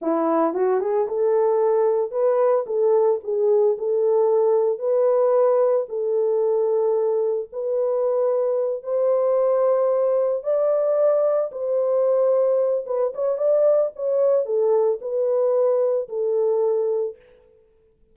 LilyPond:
\new Staff \with { instrumentName = "horn" } { \time 4/4 \tempo 4 = 112 e'4 fis'8 gis'8 a'2 | b'4 a'4 gis'4 a'4~ | a'4 b'2 a'4~ | a'2 b'2~ |
b'8 c''2. d''8~ | d''4. c''2~ c''8 | b'8 cis''8 d''4 cis''4 a'4 | b'2 a'2 | }